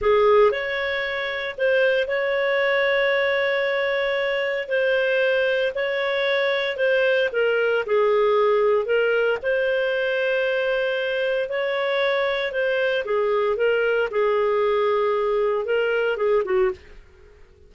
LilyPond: \new Staff \with { instrumentName = "clarinet" } { \time 4/4 \tempo 4 = 115 gis'4 cis''2 c''4 | cis''1~ | cis''4 c''2 cis''4~ | cis''4 c''4 ais'4 gis'4~ |
gis'4 ais'4 c''2~ | c''2 cis''2 | c''4 gis'4 ais'4 gis'4~ | gis'2 ais'4 gis'8 fis'8 | }